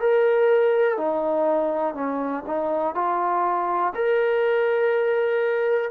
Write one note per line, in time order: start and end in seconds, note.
0.00 0.97 A#4
0.97 1.94 D#4
1.94 2.43 C#4
2.46 2.95 D#4
2.95 3.93 F4
3.95 5.91 A#4